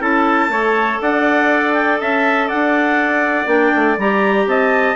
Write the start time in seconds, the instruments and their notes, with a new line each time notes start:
0.00 bassoon C#4, clarinet E4 A5, trumpet A4
0.48 bassoon A3, clarinet A4, trumpet C#5
1.02 bassoon D4, trumpet D5, clarinet F#5
1.74 clarinet G5
2.01 bassoon C#4, trumpet E5, clarinet A5
2.48 bassoon D4, trumpet D5, clarinet F#5
3.47 bassoon A#3, clarinet D4 G5
3.75 bassoon A3
3.98 bassoon G3, clarinet G4 A#5
4.47 bassoon C4, trumpet D#5, clarinet A5